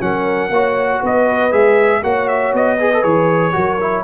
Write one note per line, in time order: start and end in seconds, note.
0.00 0.50 F#3
0.00 0.50 C#4
0.00 0.52 A#4
0.00 1.03 F#5
0.50 1.00 A#3
0.50 1.52 F#4
0.50 1.00 C#5
1.00 1.53 B3
1.00 2.01 B4
1.00 1.53 D#5
1.52 2.03 G#3
1.52 2.02 G#4
1.52 2.03 E5
2.03 2.53 A#3
2.03 2.79 F#4
2.03 2.78 C#5
2.03 2.28 F#5
2.28 2.53 E5
2.53 3.04 B3
2.53 3.03 D#5
2.78 2.92 G#4
2.78 3.53 B4
2.93 3.03 A4
3.03 3.54 E3
3.03 3.52 G#4
3.03 4.04 C#5
3.52 4.04 F#3
3.52 3.77 F#4
3.52 4.04 A#4
3.81 4.04 E4